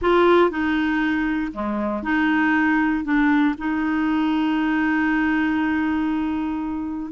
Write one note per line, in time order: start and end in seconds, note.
0.01 0.50 F4
0.50 1.52 D#4
1.53 2.02 G#3
2.02 3.04 D#4
3.04 3.55 D4
3.58 7.12 D#4